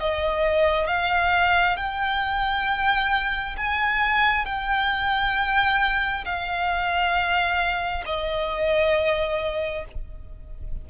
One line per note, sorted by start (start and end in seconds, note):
0.00 0.87 D#5
0.87 1.77 F5
1.77 3.56 G5
3.57 4.45 G#5
4.45 6.24 G5
6.25 8.04 F5
8.06 9.85 D#5